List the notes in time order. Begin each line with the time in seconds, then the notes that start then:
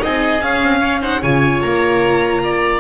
0.00 C4 D#4 G#4 D#5
0.42 C#4 F5
0.62 C4
0.81 C#4 C#5
1.01 D#4 C5 F#5
1.22 C#3 F4 C#5 G#5
1.62 A#3 A#5
2.44 D5